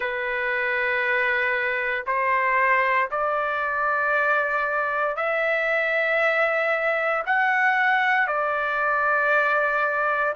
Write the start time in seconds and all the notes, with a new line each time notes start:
0.00 B4
2.06 C5
3.10 D5
5.16 E5
7.26 F#5
8.27 D5